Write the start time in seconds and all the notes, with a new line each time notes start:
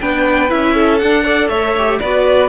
0.00 B3 D4 B4 G5
0.49 C#4 E4 E5
0.75 A4
0.99 D4 F#5
1.24 A4 D5
1.49 A3 C#5 E5
1.78 G4
1.99 B3 F#4 B4 D5